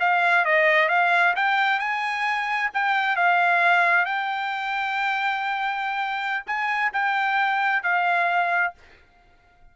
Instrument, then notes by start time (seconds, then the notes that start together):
trumpet
0.00 F5
0.45 D#5
0.89 F5
1.36 G5
1.80 G#5
2.74 G5
3.17 F5
4.06 G5
6.47 G#5
6.93 G5
7.83 F5